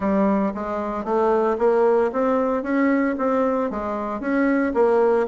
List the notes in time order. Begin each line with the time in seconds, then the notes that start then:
0.00 G3
0.54 G#3
1.04 A3
1.58 A#3
2.12 C4
2.62 C#4
3.18 C4
3.70 G#3
4.20 C#4
4.73 A#3